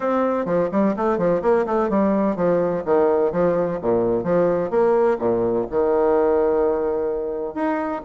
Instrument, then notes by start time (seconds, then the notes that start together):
bassoon
0.00 C4
0.45 F3
0.71 G3
0.96 A3
1.17 F3
1.42 A#3
1.66 A3
1.89 G3
2.36 F3
2.85 D#3
3.32 F3
3.81 A#2
4.23 F3
4.70 A#3
5.18 A#2
5.70 D#3
7.54 D#4